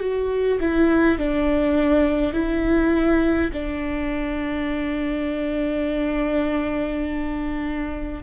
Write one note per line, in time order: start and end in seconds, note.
0.00 0.59 F#4
0.60 1.19 E4
1.19 2.33 D4
2.33 3.51 E4
3.53 8.24 D4